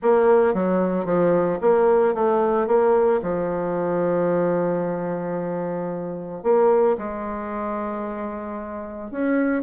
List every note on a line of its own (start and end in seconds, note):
0.02 0.54 A#3
0.54 1.05 F#3
1.05 1.58 F3
1.61 2.14 A#3
2.14 2.67 A3
2.67 3.20 A#3
3.22 6.43 F3
6.43 6.96 A#3
6.98 9.11 G#3
9.11 9.63 C#4